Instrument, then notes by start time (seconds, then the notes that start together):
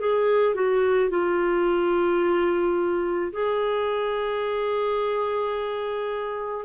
clarinet
0.00 G#4
0.55 F#4
1.11 F4
3.33 G#4